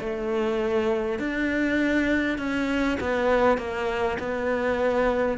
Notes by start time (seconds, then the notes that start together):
0.00 A3
1.19 D4
2.38 C#4
3.00 B3
3.58 A#3
4.19 B3